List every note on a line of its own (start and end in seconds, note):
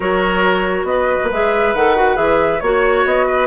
0.00 0.83 F#3
0.00 1.30 F#4
0.00 0.86 A#4
0.00 0.85 C#5
0.83 1.16 B3
0.83 1.29 D#5
0.89 2.62 B4
1.23 1.31 A#3
1.31 1.73 G#3
1.31 1.75 G#4
1.31 1.75 E5
1.73 2.16 D#3
1.73 1.96 A4
1.73 2.16 F#5
1.96 2.15 F#4
2.15 2.60 E3
2.15 2.58 G#4
2.15 2.60 E5
2.60 3.04 A#3
2.60 3.46 F#4
2.60 3.03 C#5
2.60 3.26 C#5
3.04 3.46 B3
3.04 3.46 D#5
3.26 3.46 B4